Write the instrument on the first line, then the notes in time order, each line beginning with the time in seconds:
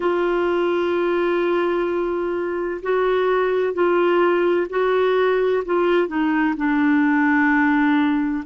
clarinet
0.00 F4
2.82 F#4
3.73 F4
4.69 F#4
5.65 F4
6.07 D#4
6.56 D4